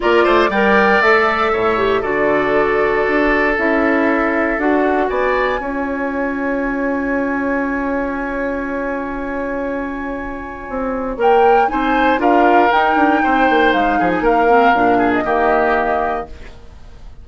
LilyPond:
<<
  \new Staff \with { instrumentName = "flute" } { \time 4/4 \tempo 4 = 118 d''4 g''4 e''2 | d''2. e''4~ | e''4 fis''4 gis''2~ | gis''1~ |
gis''1~ | gis''2 g''4 gis''4 | f''4 g''2 f''8. gis''16 | f''4.~ f''16 dis''2~ dis''16 | }
  \new Staff \with { instrumentName = "oboe" } { \time 4/4 ais'8 c''8 d''2 cis''4 | a'1~ | a'2 d''4 cis''4~ | cis''1~ |
cis''1~ | cis''2. c''4 | ais'2 c''4. gis'8 | ais'4. gis'8 g'2 | }
  \new Staff \with { instrumentName = "clarinet" } { \time 4/4 f'4 ais'4 a'4. g'8 | fis'2. e'4~ | e'4 fis'2 f'4~ | f'1~ |
f'1~ | f'2 ais'4 dis'4 | f'4 dis'2.~ | dis'8 c'8 d'4 ais2 | }
  \new Staff \with { instrumentName = "bassoon" } { \time 4/4 ais8 a8 g4 a4 a,4 | d2 d'4 cis'4~ | cis'4 d'4 b4 cis'4~ | cis'1~ |
cis'1~ | cis'4 c'4 ais4 c'4 | d'4 dis'8 d'8 c'8 ais8 gis8 f8 | ais4 ais,4 dis2 | }
>>